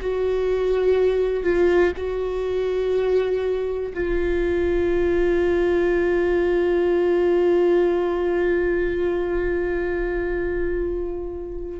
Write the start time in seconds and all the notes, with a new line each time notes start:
0.00 F#4
1.43 F4
1.96 F#4
3.93 F4